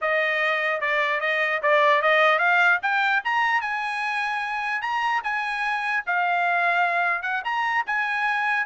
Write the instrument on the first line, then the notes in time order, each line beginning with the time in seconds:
trumpet
0.01 D#5
0.80 D5
1.20 D#5
1.62 D5
2.02 D#5
2.39 F5
2.82 G5
3.24 A#5
3.61 G#5
4.81 A#5
5.23 G#5
6.06 F5
7.22 F#5
7.44 A#5
7.86 G#5